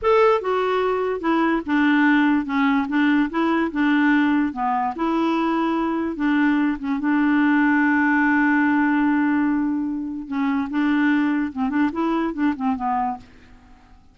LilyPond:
\new Staff \with { instrumentName = "clarinet" } { \time 4/4 \tempo 4 = 146 a'4 fis'2 e'4 | d'2 cis'4 d'4 | e'4 d'2 b4 | e'2. d'4~ |
d'8 cis'8 d'2.~ | d'1~ | d'4 cis'4 d'2 | c'8 d'8 e'4 d'8 c'8 b4 | }